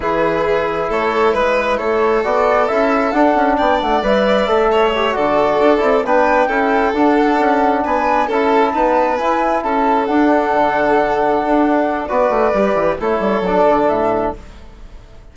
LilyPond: <<
  \new Staff \with { instrumentName = "flute" } { \time 4/4 \tempo 4 = 134 b'2 cis''4 b'4 | cis''4 d''4 e''4 fis''4 | g''8 fis''8 e''2~ e''8 d''8~ | d''4. g''2 fis''8~ |
fis''4. gis''4 a''4.~ | a''8 gis''4 a''4 fis''4.~ | fis''2. d''4~ | d''4 cis''4 d''4 e''4 | }
  \new Staff \with { instrumentName = "violin" } { \time 4/4 gis'2 a'4 b'4 | a'1 | d''2~ d''8 cis''4 a'8~ | a'4. b'4 a'4.~ |
a'4. b'4 a'4 b'8~ | b'4. a'2~ a'8~ | a'2. b'4~ | b'4 a'2. | }
  \new Staff \with { instrumentName = "trombone" } { \time 4/4 e'1~ | e'4 fis'4 e'4 d'4~ | d'4 b'4 a'4 g'8 fis'8~ | fis'4 e'8 d'4 e'4 d'8~ |
d'2~ d'8 e'4 b8~ | b8 e'2 d'4.~ | d'2. fis'4 | g'4 e'4 d'2 | }
  \new Staff \with { instrumentName = "bassoon" } { \time 4/4 e2 a4 gis4 | a4 b4 cis'4 d'8 cis'8 | b8 a8 g4 a4. d8~ | d8 d'8 c'8 b4 cis'4 d'8~ |
d'8 cis'4 b4 cis'4 dis'8~ | dis'8 e'4 cis'4 d'4 d8~ | d4. d'4. b8 a8 | g8 e8 a8 g8 fis8 d8 a,4 | }
>>